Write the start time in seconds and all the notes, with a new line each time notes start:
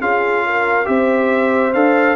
0.00 C#4 F4 G#4 F5
0.45 A#4
0.85 C4 G4 C5 E5
1.73 D4 A4 F5